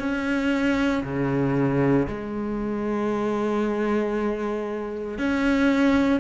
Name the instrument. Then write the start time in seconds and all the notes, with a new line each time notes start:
cello
0.00 C#4
1.04 C#3
2.08 G#3
5.19 C#4